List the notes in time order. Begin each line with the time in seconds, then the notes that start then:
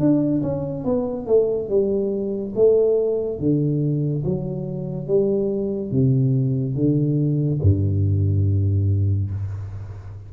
0.00 D4
0.43 C#4
0.85 B3
1.27 A3
1.69 G3
2.56 A3
3.40 D3
4.25 F#3
5.07 G3
5.92 C3
6.76 D3
7.62 G2